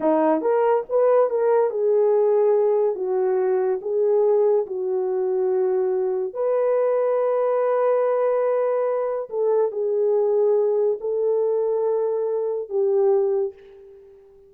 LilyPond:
\new Staff \with { instrumentName = "horn" } { \time 4/4 \tempo 4 = 142 dis'4 ais'4 b'4 ais'4 | gis'2. fis'4~ | fis'4 gis'2 fis'4~ | fis'2. b'4~ |
b'1~ | b'2 a'4 gis'4~ | gis'2 a'2~ | a'2 g'2 | }